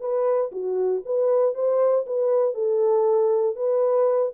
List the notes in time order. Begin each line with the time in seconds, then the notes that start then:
0.00 B4
0.52 F#4
1.05 B4
1.55 C5
2.06 B4
2.54 A4
3.56 B4